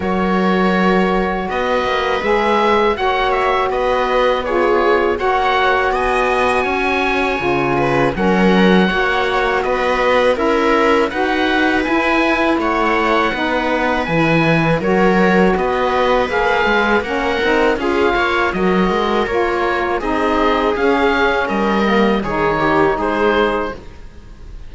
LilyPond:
<<
  \new Staff \with { instrumentName = "oboe" } { \time 4/4 \tempo 4 = 81 cis''2 dis''4 e''4 | fis''8 e''8 dis''4 cis''4 fis''4 | gis''2. fis''4~ | fis''4 dis''4 e''4 fis''4 |
gis''4 fis''2 gis''4 | cis''4 dis''4 f''4 fis''4 | f''4 dis''4 cis''4 dis''4 | f''4 dis''4 cis''4 c''4 | }
  \new Staff \with { instrumentName = "viola" } { \time 4/4 ais'2 b'2 | cis''4 b'4 gis'4 cis''4 | dis''4 cis''4. b'8 ais'4 | cis''4 b'4 ais'4 b'4~ |
b'4 cis''4 b'2 | ais'4 b'2 ais'4 | gis'8 cis''8 ais'2 gis'4~ | gis'4 ais'4 gis'8 g'8 gis'4 | }
  \new Staff \with { instrumentName = "saxophone" } { \time 4/4 fis'2. gis'4 | fis'2 f'4 fis'4~ | fis'2 f'4 cis'4 | fis'2 e'4 fis'4 |
e'2 dis'4 e'4 | fis'2 gis'4 cis'8 dis'8 | f'4 fis'4 f'4 dis'4 | cis'4. ais8 dis'2 | }
  \new Staff \with { instrumentName = "cello" } { \time 4/4 fis2 b8 ais8 gis4 | ais4 b2 ais4 | b4 cis'4 cis4 fis4 | ais4 b4 cis'4 dis'4 |
e'4 a4 b4 e4 | fis4 b4 ais8 gis8 ais8 c'8 | cis'8 ais8 fis8 gis8 ais4 c'4 | cis'4 g4 dis4 gis4 | }
>>